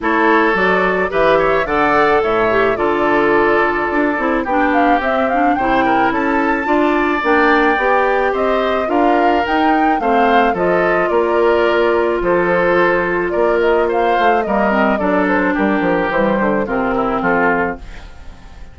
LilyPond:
<<
  \new Staff \with { instrumentName = "flute" } { \time 4/4 \tempo 4 = 108 cis''4 d''4 e''4 fis''4 | e''4 d''2. | g''8 f''8 e''8 f''8 g''4 a''4~ | a''4 g''2 dis''4 |
f''4 g''4 f''4 dis''4 | d''2 c''2 | d''8 dis''8 f''4 dis''4 d''8 c''8 | ais'4 c''4 ais'4 a'4 | }
  \new Staff \with { instrumentName = "oboe" } { \time 4/4 a'2 b'8 cis''8 d''4 | cis''4 a'2. | g'2 c''8 ais'8 a'4 | d''2. c''4 |
ais'2 c''4 a'4 | ais'2 a'2 | ais'4 c''4 ais'4 a'4 | g'2 f'8 e'8 f'4 | }
  \new Staff \with { instrumentName = "clarinet" } { \time 4/4 e'4 fis'4 g'4 a'4~ | a'8 g'8 f'2~ f'8 e'8 | d'4 c'8 d'8 e'2 | f'4 d'4 g'2 |
f'4 dis'4 c'4 f'4~ | f'1~ | f'2 ais8 c'8 d'4~ | d'4 g4 c'2 | }
  \new Staff \with { instrumentName = "bassoon" } { \time 4/4 a4 fis4 e4 d4 | a,4 d2 d'8 c'8 | b4 c'4 c4 cis'4 | d'4 ais4 b4 c'4 |
d'4 dis'4 a4 f4 | ais2 f2 | ais4. a8 g4 fis4 | g8 f8 e8 d8 c4 f4 | }
>>